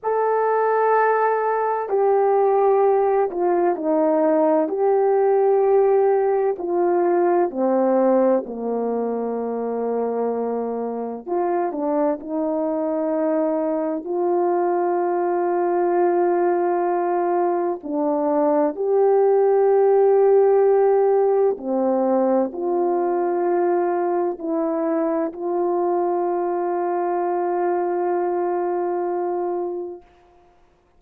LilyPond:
\new Staff \with { instrumentName = "horn" } { \time 4/4 \tempo 4 = 64 a'2 g'4. f'8 | dis'4 g'2 f'4 | c'4 ais2. | f'8 d'8 dis'2 f'4~ |
f'2. d'4 | g'2. c'4 | f'2 e'4 f'4~ | f'1 | }